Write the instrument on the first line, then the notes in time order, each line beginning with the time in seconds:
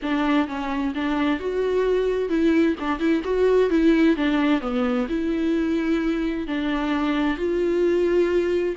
viola
0.02 D4
0.47 C#4
0.94 D4
1.39 F#4
2.29 E4
2.79 D4
2.99 E4
3.23 F#4
3.70 E4
4.16 D4
4.60 B3
5.08 E4
6.47 D4
7.37 F4